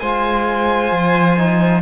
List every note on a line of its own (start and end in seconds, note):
0.00 0.92 G#3
0.00 1.37 F4
0.00 1.82 C5
0.00 1.82 G#5
0.92 1.82 F3
1.37 1.82 D#4